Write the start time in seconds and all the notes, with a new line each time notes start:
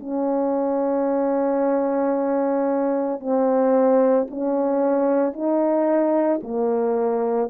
0.00 C#4
3.20 C4
4.31 C#4
5.33 D#4
6.43 A#3